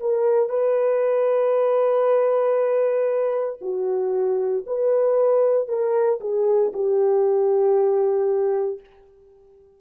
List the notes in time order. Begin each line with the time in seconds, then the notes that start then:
0.00 A#4
0.49 B4
3.62 F#4
4.66 B4
5.68 A#4
6.21 G#4
6.73 G4